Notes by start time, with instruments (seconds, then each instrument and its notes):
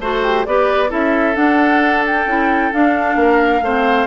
0.00 bassoon A3, clarinet F#4, flute A4, oboe C5
0.23 flute G4
0.46 bassoon B3, clarinet G4, oboe B4, flute D5
0.89 bassoon C#4, clarinet E4, oboe A4, flute E5
1.35 clarinet D4, bassoon D4, flute F#5
2.07 flute G5
2.26 bassoon C#4, clarinet E4
2.73 clarinet D4, bassoon D4, flute F5
3.16 bassoon A#3, oboe A#4
3.61 bassoon A3, clarinet C4, oboe C5